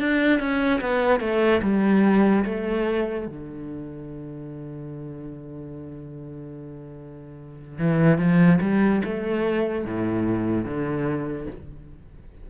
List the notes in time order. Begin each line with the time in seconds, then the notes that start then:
0.00 D4
0.40 C#4
0.81 B3
1.20 A3
1.63 G3
2.45 A3
3.27 D3
7.79 E3
8.18 F3
8.62 G3
9.04 A3
9.86 A2
10.65 D3